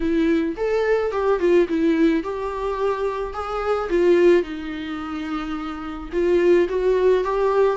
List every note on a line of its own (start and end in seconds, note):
0.00 0.55 E4
0.57 1.11 A4
1.11 1.39 G4
1.39 1.67 F4
1.68 2.23 E4
2.23 3.33 G4
3.33 3.89 G#4
3.89 4.42 F4
4.42 6.09 D#4
6.12 6.68 F4
6.68 7.23 F#4
7.23 7.76 G4